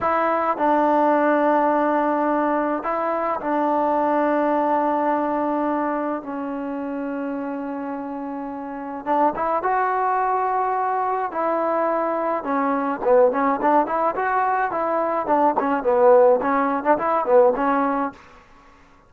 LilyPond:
\new Staff \with { instrumentName = "trombone" } { \time 4/4 \tempo 4 = 106 e'4 d'2.~ | d'4 e'4 d'2~ | d'2. cis'4~ | cis'1 |
d'8 e'8 fis'2. | e'2 cis'4 b8 cis'8 | d'8 e'8 fis'4 e'4 d'8 cis'8 | b4 cis'8. d'16 e'8 b8 cis'4 | }